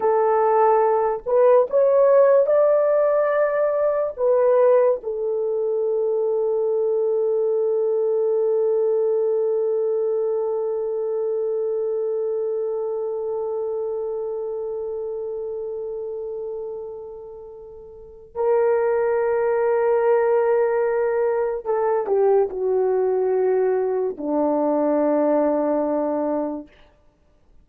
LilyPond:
\new Staff \with { instrumentName = "horn" } { \time 4/4 \tempo 4 = 72 a'4. b'8 cis''4 d''4~ | d''4 b'4 a'2~ | a'1~ | a'1~ |
a'1~ | a'2 ais'2~ | ais'2 a'8 g'8 fis'4~ | fis'4 d'2. | }